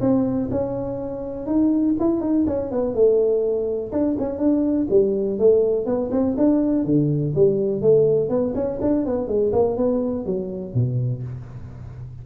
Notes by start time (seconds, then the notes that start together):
0.00 C4
0.51 C#4
1.46 D#4
1.99 E4
2.21 D#4
2.47 C#4
2.71 B3
2.94 A3
3.92 D4
4.18 C#4
4.38 D4
4.90 G3
5.39 A3
5.85 B3
6.11 C4
6.37 D4
6.84 D3
7.35 G3
7.81 A3
8.29 B3
8.55 C#4
8.81 D4
9.05 B3
9.27 G#3
9.52 A#3
9.76 B3
10.25 F#3
10.74 B2